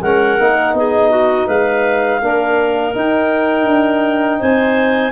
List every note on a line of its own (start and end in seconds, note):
0.00 0.38 G#3
0.00 0.39 C#4
0.00 0.73 A#4
0.00 0.75 F#5
0.39 0.73 A#3
0.39 2.21 D#4
0.73 1.46 B3
0.73 1.09 G#4
0.73 1.47 D#5
1.09 1.46 F#4
1.46 2.20 G#3
1.46 2.19 B4
1.46 2.93 F5
2.21 2.95 A#3
2.21 2.93 D4
2.21 4.38 A#4
2.93 5.11 D#4
2.93 3.67 D#4
2.93 4.41 G5
3.67 4.41 D4
4.38 5.11 C4
4.38 5.11 C5
4.38 5.11 G#5